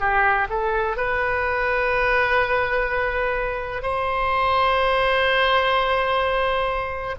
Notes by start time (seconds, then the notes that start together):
0.00 G4
0.50 A4
0.97 B4
3.82 C5